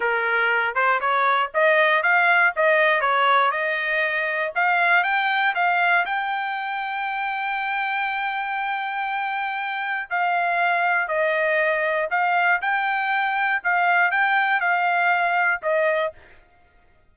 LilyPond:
\new Staff \with { instrumentName = "trumpet" } { \time 4/4 \tempo 4 = 119 ais'4. c''8 cis''4 dis''4 | f''4 dis''4 cis''4 dis''4~ | dis''4 f''4 g''4 f''4 | g''1~ |
g''1 | f''2 dis''2 | f''4 g''2 f''4 | g''4 f''2 dis''4 | }